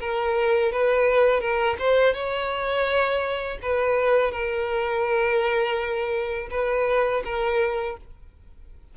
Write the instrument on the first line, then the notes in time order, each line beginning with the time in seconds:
violin
0.00 A#4
0.72 B4
1.40 A#4
1.79 C5
2.14 C#5
3.62 B4
4.31 A#4
6.50 B4
7.25 A#4